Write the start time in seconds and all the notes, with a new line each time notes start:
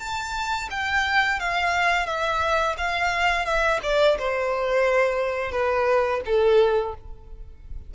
0.00 A5
0.71 G5
1.40 F5
2.07 E5
2.78 F5
3.45 E5
3.83 D5
4.19 C5
5.52 B4
6.26 A4